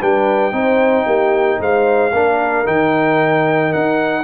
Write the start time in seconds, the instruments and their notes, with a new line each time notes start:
0.00 tuba G3, trombone D4, horn B4, trumpet G5
0.52 tuba C4, trombone D#4, horn C5
1.05 tuba A#3, horn G4
1.59 tuba G#3, horn C5, trumpet F5
2.12 tuba A#3, trombone D4, horn A#4
2.65 tuba D#3, trombone D#4, trumpet G5
3.72 tuba D#4, trumpet F#5